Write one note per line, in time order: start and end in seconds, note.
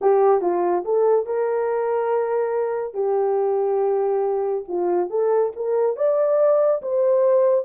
0.01 0.41 G4
0.41 0.83 F4
0.84 1.26 A4
1.26 2.94 A#4
2.94 4.64 G4
4.68 5.09 F4
5.09 5.52 A4
5.56 5.96 A#4
5.96 6.81 D5
6.82 7.65 C5